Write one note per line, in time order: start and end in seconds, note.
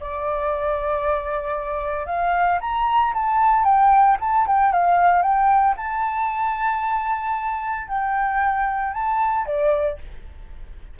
0.00 2.06 D5
2.06 2.59 F5
2.61 3.13 A#5
3.14 3.64 A5
3.64 4.17 G5
4.20 4.46 A5
4.47 4.72 G5
4.72 5.22 F5
5.22 5.75 G5
5.77 7.87 A5
7.88 8.93 G5
8.93 9.45 A5
9.45 9.98 D5